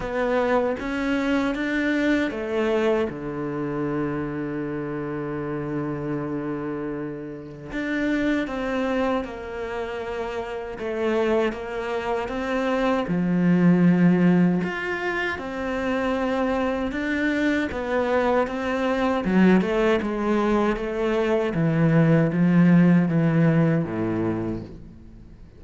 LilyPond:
\new Staff \with { instrumentName = "cello" } { \time 4/4 \tempo 4 = 78 b4 cis'4 d'4 a4 | d1~ | d2 d'4 c'4 | ais2 a4 ais4 |
c'4 f2 f'4 | c'2 d'4 b4 | c'4 fis8 a8 gis4 a4 | e4 f4 e4 a,4 | }